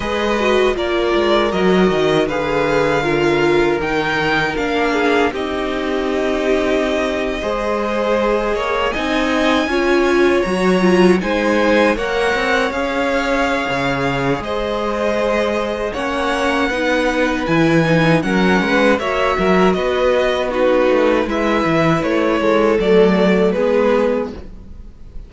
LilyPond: <<
  \new Staff \with { instrumentName = "violin" } { \time 4/4 \tempo 4 = 79 dis''4 d''4 dis''4 f''4~ | f''4 g''4 f''4 dis''4~ | dis''2.~ dis''8. gis''16~ | gis''4.~ gis''16 ais''4 gis''4 fis''16~ |
fis''8. f''2~ f''16 dis''4~ | dis''4 fis''2 gis''4 | fis''4 e''4 dis''4 b'4 | e''4 cis''4 d''4 b'4 | }
  \new Staff \with { instrumentName = "violin" } { \time 4/4 b'4 ais'2 b'4 | ais'2~ ais'8 gis'8 g'4~ | g'4.~ g'16 c''4. cis''8 dis''16~ | dis''8. cis''2 c''4 cis''16~ |
cis''2. c''4~ | c''4 cis''4 b'2 | ais'8 b'8 cis''8 ais'8 b'4 fis'4 | b'4. a'4. gis'4 | }
  \new Staff \with { instrumentName = "viola" } { \time 4/4 gis'8 fis'8 f'4 fis'4 gis'4 | f'4 dis'4 d'4 dis'4~ | dis'4.~ dis'16 gis'2 dis'16~ | dis'8. f'4 fis'8 f'8 dis'4 ais'16~ |
ais'8. gis'2.~ gis'16~ | gis'4 cis'4 dis'4 e'8 dis'8 | cis'4 fis'2 dis'4 | e'2 a4 b4 | }
  \new Staff \with { instrumentName = "cello" } { \time 4/4 gis4 ais8 gis8 fis8 dis8 d4~ | d4 dis4 ais4 c'4~ | c'4.~ c'16 gis4. ais8 c'16~ | c'8. cis'4 fis4 gis4 ais16~ |
ais16 c'8 cis'4~ cis'16 cis4 gis4~ | gis4 ais4 b4 e4 | fis8 gis8 ais8 fis8 b4. a8 | gis8 e8 a8 gis8 fis4 gis4 | }
>>